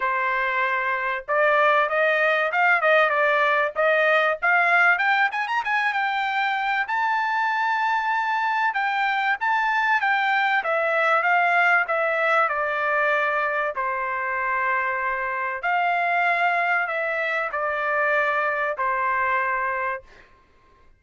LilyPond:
\new Staff \with { instrumentName = "trumpet" } { \time 4/4 \tempo 4 = 96 c''2 d''4 dis''4 | f''8 dis''8 d''4 dis''4 f''4 | g''8 gis''16 ais''16 gis''8 g''4. a''4~ | a''2 g''4 a''4 |
g''4 e''4 f''4 e''4 | d''2 c''2~ | c''4 f''2 e''4 | d''2 c''2 | }